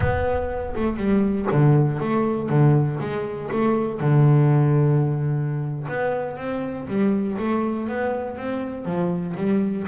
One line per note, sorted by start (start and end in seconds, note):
0.00 0.75 B3
0.76 0.97 A3
0.97 1.47 G3
1.51 2.00 D3
2.00 2.49 A3
2.49 2.99 D3
3.00 3.50 G#3
3.51 4.00 A3
4.00 5.87 D3
5.88 6.37 B3
6.37 6.87 C4
6.88 7.38 G3
7.38 7.88 A3
7.88 8.36 B3
8.36 8.85 C4
8.85 9.35 F3
9.36 9.86 G3